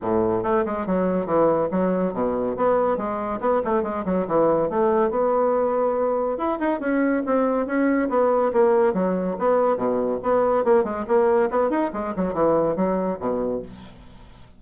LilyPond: \new Staff \with { instrumentName = "bassoon" } { \time 4/4 \tempo 4 = 141 a,4 a8 gis8 fis4 e4 | fis4 b,4 b4 gis4 | b8 a8 gis8 fis8 e4 a4 | b2. e'8 dis'8 |
cis'4 c'4 cis'4 b4 | ais4 fis4 b4 b,4 | b4 ais8 gis8 ais4 b8 dis'8 | gis8 fis8 e4 fis4 b,4 | }